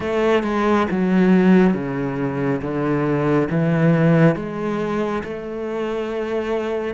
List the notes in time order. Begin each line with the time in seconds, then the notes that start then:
0.00 A3
0.43 G#3
0.91 F#3
1.74 C#3
2.61 D3
3.50 E3
4.35 G#3
5.23 A3